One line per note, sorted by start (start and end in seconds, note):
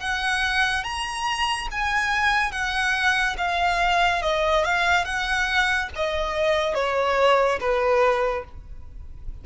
0.00 0.84 F#5
0.84 1.68 A#5
1.71 2.52 G#5
2.52 3.36 F#5
3.38 4.22 F5
4.22 4.64 D#5
4.64 5.05 F5
5.05 5.89 F#5
5.96 6.75 D#5
6.75 7.59 C#5
7.60 8.45 B4